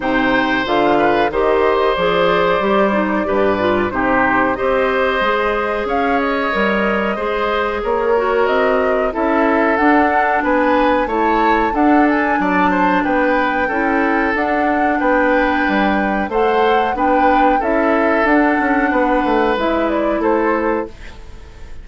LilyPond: <<
  \new Staff \with { instrumentName = "flute" } { \time 4/4 \tempo 4 = 92 g''4 f''4 dis''4 d''4~ | d''2 c''4 dis''4~ | dis''4 f''8 dis''2~ dis''8 | cis''4 dis''4 e''4 fis''4 |
gis''4 a''4 fis''8 gis''8 a''4 | g''2 fis''4 g''4~ | g''4 fis''4 g''4 e''4 | fis''2 e''8 d''8 c''4 | }
  \new Staff \with { instrumentName = "oboe" } { \time 4/4 c''4. b'8 c''2~ | c''4 b'4 g'4 c''4~ | c''4 cis''2 c''4 | ais'2 a'2 |
b'4 cis''4 a'4 d''8 c''8 | b'4 a'2 b'4~ | b'4 c''4 b'4 a'4~ | a'4 b'2 a'4 | }
  \new Staff \with { instrumentName = "clarinet" } { \time 4/4 dis'4 f'4 g'4 gis'4 | g'8 dis'8 g'8 f'8 dis'4 g'4 | gis'2 ais'4 gis'4~ | gis'8 fis'4. e'4 d'4~ |
d'4 e'4 d'2~ | d'4 e'4 d'2~ | d'4 a'4 d'4 e'4 | d'2 e'2 | }
  \new Staff \with { instrumentName = "bassoon" } { \time 4/4 c4 d4 dis4 f4 | g4 g,4 c4 c'4 | gis4 cis'4 g4 gis4 | ais4 c'4 cis'4 d'4 |
b4 a4 d'4 fis4 | b4 cis'4 d'4 b4 | g4 a4 b4 cis'4 | d'8 cis'8 b8 a8 gis4 a4 | }
>>